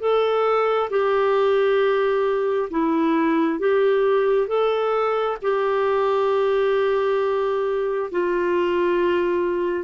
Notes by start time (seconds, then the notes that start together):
0.00 A4
0.90 G4
2.71 E4
3.59 G4
4.48 A4
5.42 G4
8.11 F4